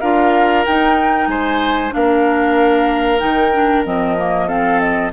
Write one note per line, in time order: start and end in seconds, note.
0.00 0.65 D4
0.00 0.66 F4
0.00 1.28 A#4
0.00 0.64 F5
0.65 1.90 D#4
0.65 1.27 D#4
0.65 1.28 G5
1.27 1.91 G#3
1.27 1.94 C5
1.27 1.92 G#5
1.90 3.22 A#3
1.90 3.18 D4
1.90 4.47 A#4
1.90 3.20 F5
3.19 3.85 D#3
3.19 3.51 D#4
3.19 3.83 G5
3.53 3.85 D4
3.84 5.12 F3
3.84 4.17 C4
3.84 4.48 D#5
4.17 4.48 A#3
4.47 5.12 C4
4.47 5.11 A4
4.47 4.80 F5
4.80 5.11 D#5